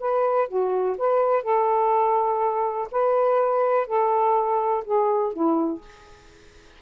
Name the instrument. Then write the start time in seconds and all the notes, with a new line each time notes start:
saxophone
0.00 B4
0.49 F#4
0.98 B4
1.44 A4
2.92 B4
3.87 A4
4.85 G#4
5.33 E4